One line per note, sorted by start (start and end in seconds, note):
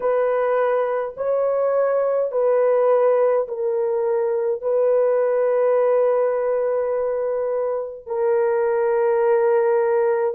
0.00 1.14 B4
1.16 2.31 C#5
2.31 3.47 B4
3.48 4.62 A#4
4.62 8.06 B4
8.06 10.34 A#4